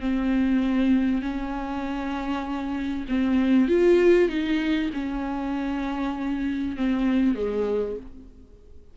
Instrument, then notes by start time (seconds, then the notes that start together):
viola
0.00 C4
1.21 C#4
3.08 C4
3.68 F4
4.29 D#4
4.93 C#4
6.76 C4
7.35 G#3